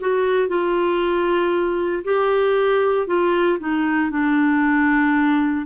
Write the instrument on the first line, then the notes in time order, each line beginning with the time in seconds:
clarinet
0.00 F#4
0.48 F4
2.05 G4
3.07 F4
3.60 D#4
4.11 D4